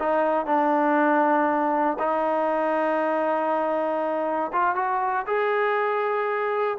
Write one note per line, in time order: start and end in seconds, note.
0.00 0.47 D#4
0.47 1.98 D4
2.00 4.52 D#4
4.53 4.76 F4
4.76 5.26 F#4
5.27 6.78 G#4